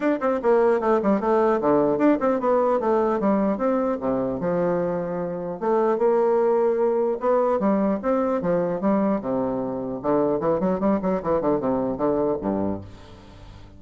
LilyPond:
\new Staff \with { instrumentName = "bassoon" } { \time 4/4 \tempo 4 = 150 d'8 c'8 ais4 a8 g8 a4 | d4 d'8 c'8 b4 a4 | g4 c'4 c4 f4~ | f2 a4 ais4~ |
ais2 b4 g4 | c'4 f4 g4 c4~ | c4 d4 e8 fis8 g8 fis8 | e8 d8 c4 d4 g,4 | }